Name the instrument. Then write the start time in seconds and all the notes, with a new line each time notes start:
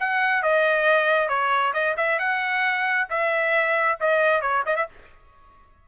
trumpet
0.00 F#5
0.43 D#5
1.29 C#5
1.74 D#5
1.97 E5
2.19 F#5
3.10 E5
4.00 D#5
4.41 C#5
4.66 D#5
4.76 E5